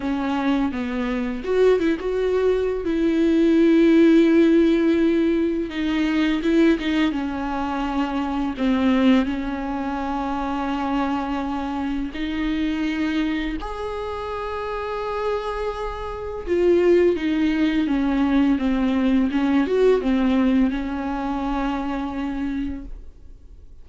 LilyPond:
\new Staff \with { instrumentName = "viola" } { \time 4/4 \tempo 4 = 84 cis'4 b4 fis'8 e'16 fis'4~ fis'16 | e'1 | dis'4 e'8 dis'8 cis'2 | c'4 cis'2.~ |
cis'4 dis'2 gis'4~ | gis'2. f'4 | dis'4 cis'4 c'4 cis'8 fis'8 | c'4 cis'2. | }